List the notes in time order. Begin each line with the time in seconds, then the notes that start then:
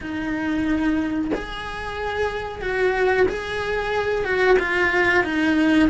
0.01 D#4
1.34 G#4
2.61 F#4
3.28 G#4
4.24 F#4
4.59 F4
5.24 D#4